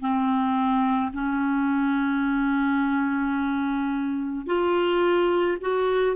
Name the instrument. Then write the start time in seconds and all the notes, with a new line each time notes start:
clarinet
0.00 C4
1.13 C#4
4.46 F4
5.61 F#4